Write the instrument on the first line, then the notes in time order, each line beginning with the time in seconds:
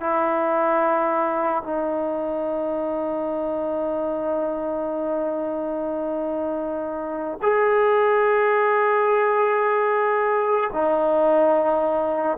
trombone
0.00 E4
1.63 D#4
7.42 G#4
10.73 D#4